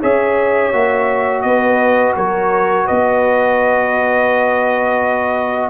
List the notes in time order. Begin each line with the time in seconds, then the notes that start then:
0.00 C#4 G#4 C#5 E5
0.73 A#3 F#4
1.42 B3 B4 D#5
2.16 F#3 A#4 C#5
2.86 B3 B4 D#5